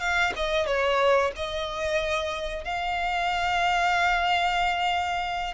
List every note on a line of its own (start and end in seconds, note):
0.00 0.33 F5
0.36 0.66 D#5
0.66 1.31 C#5
1.36 2.64 D#5
2.64 5.54 F5